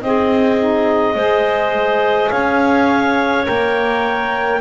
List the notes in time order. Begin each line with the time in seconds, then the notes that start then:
0.00 C4 G#4 D#5
0.58 D#4
1.14 G#3 G#4 C5
2.30 C#4 C#5 F5
3.44 A#3 A#4 G5